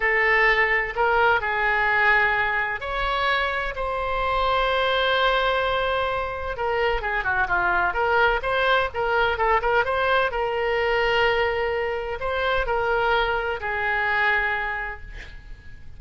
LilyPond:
\new Staff \with { instrumentName = "oboe" } { \time 4/4 \tempo 4 = 128 a'2 ais'4 gis'4~ | gis'2 cis''2 | c''1~ | c''2 ais'4 gis'8 fis'8 |
f'4 ais'4 c''4 ais'4 | a'8 ais'8 c''4 ais'2~ | ais'2 c''4 ais'4~ | ais'4 gis'2. | }